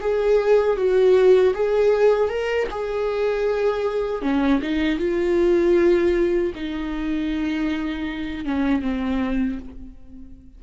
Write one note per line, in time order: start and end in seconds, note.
0.00 0.77 G#4
0.77 1.53 F#4
1.54 2.28 G#4
2.28 2.67 A#4
2.70 4.21 G#4
4.21 4.60 C#4
4.62 4.98 D#4
4.98 6.52 F4
6.55 8.44 D#4
8.44 8.81 C#4
8.81 9.58 C4